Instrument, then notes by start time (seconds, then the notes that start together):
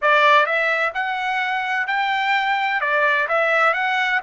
trumpet
0.01 D5
0.46 E5
0.94 F#5
1.87 G5
2.80 D5
3.28 E5
3.73 F#5